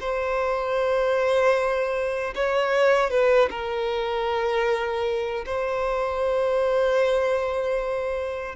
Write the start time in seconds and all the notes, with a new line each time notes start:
0.00 C5
2.34 C#5
3.10 B4
3.50 A#4
5.46 C5